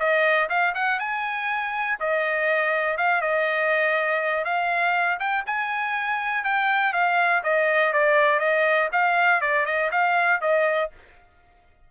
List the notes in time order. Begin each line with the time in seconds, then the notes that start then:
0.00 D#5
0.50 F5
0.75 F#5
1.00 G#5
2.00 D#5
2.98 F5
3.22 D#5
4.45 F5
5.20 G5
5.47 G#5
6.45 G5
6.94 F5
7.44 D#5
7.94 D5
8.40 D#5
8.93 F5
9.42 D5
9.66 D#5
9.92 F5
10.42 D#5